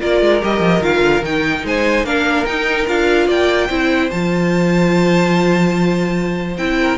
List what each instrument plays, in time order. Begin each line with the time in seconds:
0.00 cello A#3, viola F4, violin A#4 D5
0.21 cello G#3
0.41 cello G3, viola G4, violin D#5
0.59 cello F3
0.80 cello D#3, viola F4, violin F5
1.01 cello D3
1.22 cello D#3, viola D#4, violin G5
1.64 cello G#3, violin C5 G#5
2.04 cello A#3, viola D4, violin A#4 F5
2.45 viola D#4, cello D#4, violin G5
2.86 cello D4, viola F4, violin F5
3.26 cello A#3, violin D5 G5
3.68 cello C4, viola E4, violin C5
4.10 cello F3, viola F4, violin A5
6.57 cello C4, viola E4, violin G5
6.81 violin A#4